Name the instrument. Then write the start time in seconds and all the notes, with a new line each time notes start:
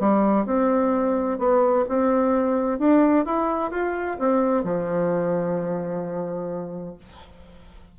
bassoon
0.00 G3
0.46 C4
1.38 B3
1.89 C4
2.79 D4
3.26 E4
3.71 F4
4.19 C4
4.64 F3